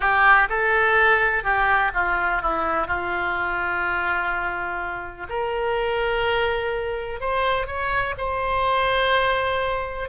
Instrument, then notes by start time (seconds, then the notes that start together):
oboe
0.00 G4
0.49 A4
1.43 G4
1.94 F4
2.41 E4
2.87 F4
5.29 A#4
7.20 C5
7.66 C#5
8.17 C5